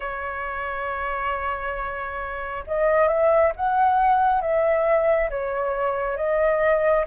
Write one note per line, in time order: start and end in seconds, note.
0.00 2.64 C#5
2.67 3.08 D#5
3.08 3.52 E5
3.55 4.41 F#5
4.41 5.29 E5
5.30 6.16 C#5
6.16 7.05 D#5